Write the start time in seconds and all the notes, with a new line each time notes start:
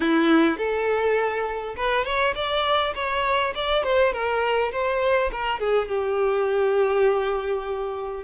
0.00 E4
0.57 A4
1.76 B4
2.05 C#5
2.35 D5
2.94 C#5
3.55 D5
3.83 C5
4.13 A#4
4.72 C5
5.32 A#4
5.59 G#4
5.88 G4